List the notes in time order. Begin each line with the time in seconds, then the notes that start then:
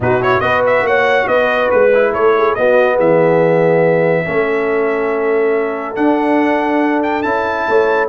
0.00 B2 D#4 F#4 B4
0.21 E4 C#5
0.40 B3 F#4 B4 D#5
0.66 E5
0.82 A#3 C#5 F#5
1.27 B3 B4 D#5
1.70 G#3 B4
1.94 E4
2.12 A3 A4 C#5
2.37 G#4
2.54 B3 F#4 D#5
2.95 E3 G#4 E5
4.25 A3 C#4 A4
5.95 D4 F#5
7.03 G5
7.22 C#4 E4 A5
7.68 A3 C#5